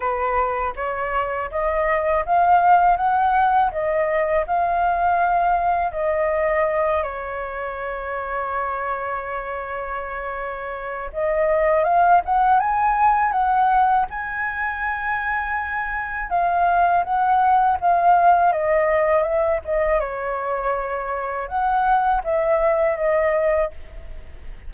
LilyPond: \new Staff \with { instrumentName = "flute" } { \time 4/4 \tempo 4 = 81 b'4 cis''4 dis''4 f''4 | fis''4 dis''4 f''2 | dis''4. cis''2~ cis''8~ | cis''2. dis''4 |
f''8 fis''8 gis''4 fis''4 gis''4~ | gis''2 f''4 fis''4 | f''4 dis''4 e''8 dis''8 cis''4~ | cis''4 fis''4 e''4 dis''4 | }